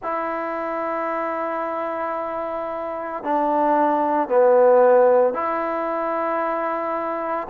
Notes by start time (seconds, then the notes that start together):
0.02 E4
3.23 D4
4.28 B3
5.33 E4